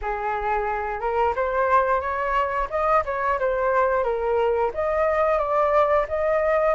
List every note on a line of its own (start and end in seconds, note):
0.01 1.00 G#4
1.00 1.34 A#4
1.35 2.00 C5
2.00 2.68 C#5
2.70 3.03 D#5
3.05 3.39 C#5
3.39 4.03 C5
4.03 4.71 A#4
4.74 5.38 D#5
5.38 6.06 D5
6.08 6.74 D#5